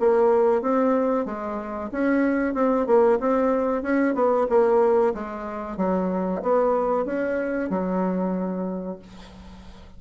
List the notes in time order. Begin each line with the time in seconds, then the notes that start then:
0.00 A#3
0.62 C4
1.26 G#3
1.92 C#4
2.55 C4
2.87 A#3
3.20 C4
3.82 C#4
4.15 B3
4.49 A#3
5.14 G#3
5.77 F#3
6.43 B3
7.06 C#4
7.70 F#3